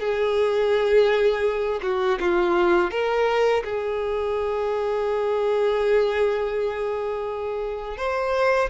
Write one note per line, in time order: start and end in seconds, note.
0.00 1.81 G#4
1.83 2.19 F#4
2.20 2.91 F4
2.91 3.64 A#4
3.64 7.98 G#4
7.98 8.70 C5